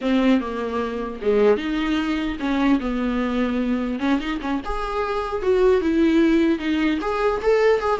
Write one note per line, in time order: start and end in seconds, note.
0.01 0.40 C4
0.40 1.20 A#3
1.21 1.57 G#3
1.57 2.37 D#4
2.39 2.79 C#4
2.80 3.99 B3
3.99 4.19 C#4
4.19 4.39 D#4
4.41 4.61 C#4
4.64 5.42 G#4
5.42 5.81 F#4
5.81 6.59 E4
6.59 6.99 D#4
7.01 7.41 G#4
7.42 7.80 A4
7.80 8.00 G#4